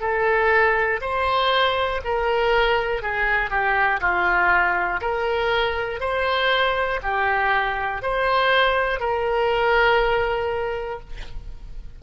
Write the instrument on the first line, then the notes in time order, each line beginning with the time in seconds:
oboe
0.00 A4
1.01 C5
2.04 A#4
3.02 G#4
3.50 G4
4.01 F4
5.01 A#4
6.00 C5
7.02 G4
8.02 C5
9.00 A#4